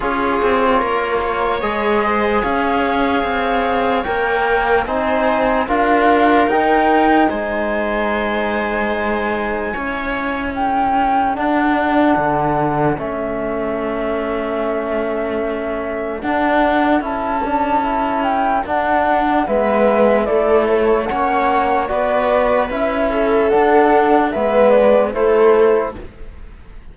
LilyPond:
<<
  \new Staff \with { instrumentName = "flute" } { \time 4/4 \tempo 4 = 74 cis''2 dis''4 f''4~ | f''4 g''4 gis''4 f''4 | g''4 gis''2.~ | gis''4 g''4 fis''2 |
e''1 | fis''4 a''4. g''8 fis''4 | e''4 d''8 cis''8 fis''4 d''4 | e''4 fis''4 e''8 d''8 c''4 | }
  \new Staff \with { instrumentName = "viola" } { \time 4/4 gis'4 ais'8 cis''4 c''8 cis''4~ | cis''2 c''4 ais'4~ | ais'4 c''2. | cis''4 a'2.~ |
a'1~ | a'1 | b'4 a'4 cis''4 b'4~ | b'8 a'4. b'4 a'4 | }
  \new Staff \with { instrumentName = "trombone" } { \time 4/4 f'2 gis'2~ | gis'4 ais'4 dis'4 f'4 | dis'1 | e'2 d'2 |
cis'1 | d'4 e'8 d'8 e'4 d'4 | b4 e'4 cis'4 fis'4 | e'4 d'4 b4 e'4 | }
  \new Staff \with { instrumentName = "cello" } { \time 4/4 cis'8 c'8 ais4 gis4 cis'4 | c'4 ais4 c'4 d'4 | dis'4 gis2. | cis'2 d'4 d4 |
a1 | d'4 cis'2 d'4 | gis4 a4 ais4 b4 | cis'4 d'4 gis4 a4 | }
>>